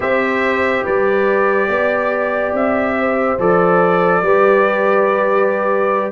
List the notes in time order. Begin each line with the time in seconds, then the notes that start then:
0.00 C4 G4 C5 E5
0.84 G3 B4 D5
1.68 B3 D5
2.53 C4 E5
2.99 C5
3.38 F3 A4 D5
4.22 G3 G4 B4